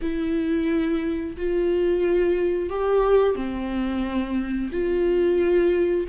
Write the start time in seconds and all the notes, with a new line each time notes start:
0.01 E4
1.36 F4
2.69 G4
3.35 C4
4.72 F4